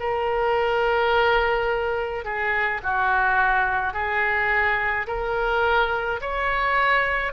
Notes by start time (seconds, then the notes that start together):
0.00 A#4
2.24 G#4
2.83 F#4
3.94 G#4
5.07 A#4
6.21 C#5